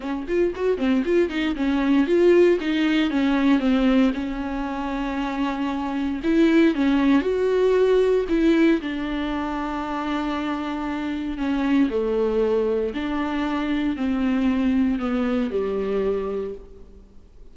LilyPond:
\new Staff \with { instrumentName = "viola" } { \time 4/4 \tempo 4 = 116 cis'8 f'8 fis'8 c'8 f'8 dis'8 cis'4 | f'4 dis'4 cis'4 c'4 | cis'1 | e'4 cis'4 fis'2 |
e'4 d'2.~ | d'2 cis'4 a4~ | a4 d'2 c'4~ | c'4 b4 g2 | }